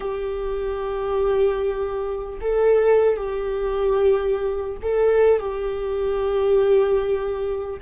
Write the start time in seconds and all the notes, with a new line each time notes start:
0.00 G4
2.41 A4
3.16 G4
4.82 A4
5.39 G4